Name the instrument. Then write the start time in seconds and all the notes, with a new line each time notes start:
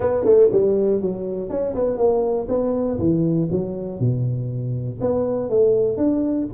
tuba
0.00 B3
0.24 A3
0.52 G3
1.01 F#3
1.49 C#4
1.74 B3
1.97 A#3
2.48 B3
2.98 E3
3.51 F#3
3.99 B2
5.00 B3
5.49 A3
5.97 D4